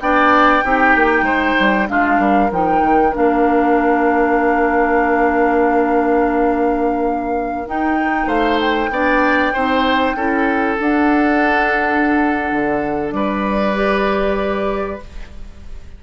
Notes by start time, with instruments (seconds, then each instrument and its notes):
0.00 bassoon B3, clarinet D4, oboe D5, flute G5
0.64 bassoon C4, clarinet D#4, oboe G4
0.95 bassoon A#3
1.21 bassoon G#3, oboe C5
1.59 bassoon G3
1.87 bassoon G#3, clarinet D4, oboe F4, flute F5
2.18 bassoon G3, oboe A#4
2.50 bassoon F3, clarinet D#4, flute G5
2.81 bassoon D#3
3.11 bassoon A#3, clarinet D4, flute F5
7.65 clarinet D#4, bassoon D#4, flute G5
8.26 bassoon A3, oboe C5, flute F5
8.60 flute G5
8.89 bassoon B3, clarinet D4, oboe D5
9.53 bassoon C4, clarinet D#4, oboe C5
10.15 bassoon C#4, clarinet E4, oboe A4
10.77 clarinet D4, bassoon D4, flute F#5
12.51 bassoon D3
13.10 bassoon G3, oboe B4, flute D5
13.74 clarinet G4